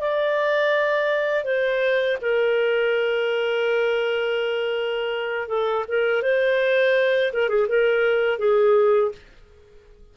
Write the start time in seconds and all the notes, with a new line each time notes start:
0.00 D5
1.44 C5
2.21 A#4
5.48 A4
5.88 A#4
6.22 C5
7.33 A#4
7.49 G#4
7.68 A#4
8.38 G#4